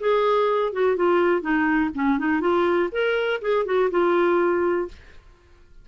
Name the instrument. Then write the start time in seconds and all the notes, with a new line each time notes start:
clarinet
0.00 G#4
0.73 F#4
0.96 F4
1.41 D#4
1.95 C#4
2.19 D#4
2.41 F4
2.92 A#4
3.42 G#4
3.65 F#4
3.91 F4